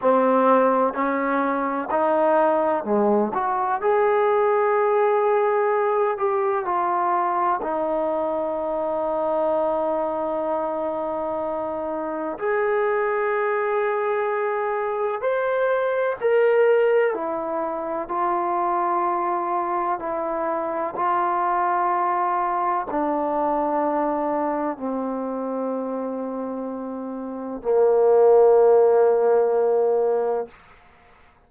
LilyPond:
\new Staff \with { instrumentName = "trombone" } { \time 4/4 \tempo 4 = 63 c'4 cis'4 dis'4 gis8 fis'8 | gis'2~ gis'8 g'8 f'4 | dis'1~ | dis'4 gis'2. |
c''4 ais'4 e'4 f'4~ | f'4 e'4 f'2 | d'2 c'2~ | c'4 ais2. | }